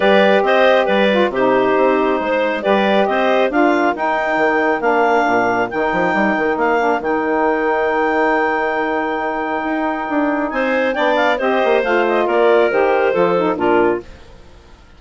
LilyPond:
<<
  \new Staff \with { instrumentName = "clarinet" } { \time 4/4 \tempo 4 = 137 d''4 dis''4 d''4 c''4~ | c''2 d''4 dis''4 | f''4 g''2 f''4~ | f''4 g''2 f''4 |
g''1~ | g''1 | gis''4 g''8 f''8 dis''4 f''8 dis''8 | d''4 c''2 ais'4 | }
  \new Staff \with { instrumentName = "clarinet" } { \time 4/4 b'4 c''4 b'4 g'4~ | g'4 c''4 b'4 c''4 | ais'1~ | ais'1~ |
ais'1~ | ais'1 | c''4 d''4 c''2 | ais'2 a'4 f'4 | }
  \new Staff \with { instrumentName = "saxophone" } { \time 4/4 g'2~ g'8 f'8 dis'4~ | dis'2 g'2 | f'4 dis'2 d'4~ | d'4 dis'2~ dis'8 d'8 |
dis'1~ | dis'1~ | dis'4 d'4 g'4 f'4~ | f'4 g'4 f'8 dis'8 d'4 | }
  \new Staff \with { instrumentName = "bassoon" } { \time 4/4 g4 c'4 g4 c4 | c'4 gis4 g4 c'4 | d'4 dis'4 dis4 ais4 | ais,4 dis8 f8 g8 dis8 ais4 |
dis1~ | dis2 dis'4 d'4 | c'4 b4 c'8 ais8 a4 | ais4 dis4 f4 ais,4 | }
>>